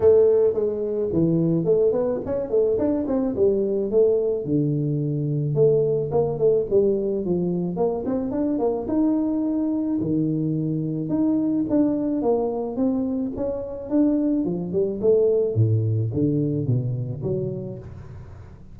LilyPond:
\new Staff \with { instrumentName = "tuba" } { \time 4/4 \tempo 4 = 108 a4 gis4 e4 a8 b8 | cis'8 a8 d'8 c'8 g4 a4 | d2 a4 ais8 a8 | g4 f4 ais8 c'8 d'8 ais8 |
dis'2 dis2 | dis'4 d'4 ais4 c'4 | cis'4 d'4 f8 g8 a4 | a,4 d4 b,4 fis4 | }